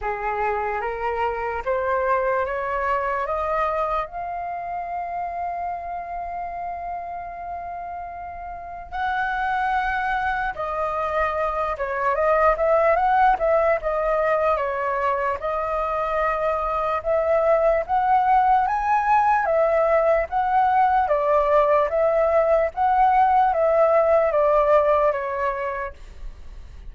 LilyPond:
\new Staff \with { instrumentName = "flute" } { \time 4/4 \tempo 4 = 74 gis'4 ais'4 c''4 cis''4 | dis''4 f''2.~ | f''2. fis''4~ | fis''4 dis''4. cis''8 dis''8 e''8 |
fis''8 e''8 dis''4 cis''4 dis''4~ | dis''4 e''4 fis''4 gis''4 | e''4 fis''4 d''4 e''4 | fis''4 e''4 d''4 cis''4 | }